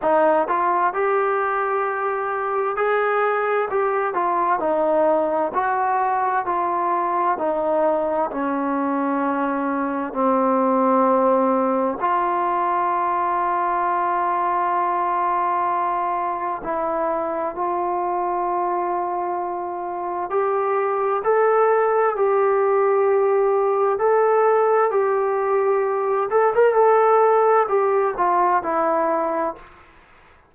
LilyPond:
\new Staff \with { instrumentName = "trombone" } { \time 4/4 \tempo 4 = 65 dis'8 f'8 g'2 gis'4 | g'8 f'8 dis'4 fis'4 f'4 | dis'4 cis'2 c'4~ | c'4 f'2.~ |
f'2 e'4 f'4~ | f'2 g'4 a'4 | g'2 a'4 g'4~ | g'8 a'16 ais'16 a'4 g'8 f'8 e'4 | }